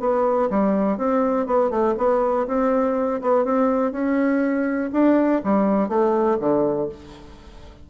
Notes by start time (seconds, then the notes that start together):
0.00 B3
0.50 G3
0.97 C4
1.46 B3
1.70 A3
1.98 B3
2.47 C4
3.21 B3
3.45 C4
3.92 C#4
4.92 D4
5.44 G3
5.88 A3
6.39 D3